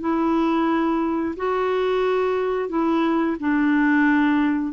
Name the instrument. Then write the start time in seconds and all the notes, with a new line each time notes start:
clarinet
0.00 E4
1.37 F#4
2.69 E4
3.40 D4